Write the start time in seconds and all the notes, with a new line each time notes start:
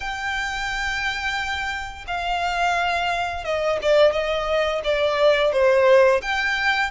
0.00 G5
2.07 F5
3.44 D#5
3.82 D5
4.12 D#5
4.84 D5
5.52 C5
6.21 G5